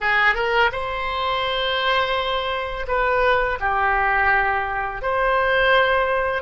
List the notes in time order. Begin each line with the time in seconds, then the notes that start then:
0.01 G#4
0.34 A#4
0.72 C5
2.87 B4
3.59 G4
5.02 C5